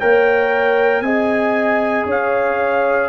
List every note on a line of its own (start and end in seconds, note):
0.00 1.02 A#3
0.00 1.05 A#4
0.00 1.03 C#5
0.00 1.02 G5
1.02 2.05 C4
1.02 3.09 G#4
1.02 2.07 D#5
1.02 2.06 G#5
2.06 3.09 C#4
2.06 3.09 C#5
2.06 3.09 F5